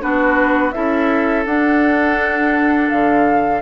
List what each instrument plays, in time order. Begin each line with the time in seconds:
0.00 bassoon B3, clarinet D4, oboe F#4, flute B4
0.72 bassoon C#4, clarinet E4, oboe A4, flute E5
1.45 bassoon D4, clarinet D4, flute F#5
2.89 bassoon D3, flute F5